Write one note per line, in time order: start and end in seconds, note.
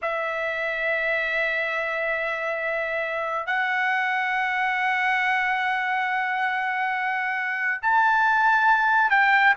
0.02 3.46 E5
3.46 7.81 F#5
7.82 9.10 A5
9.10 9.53 G5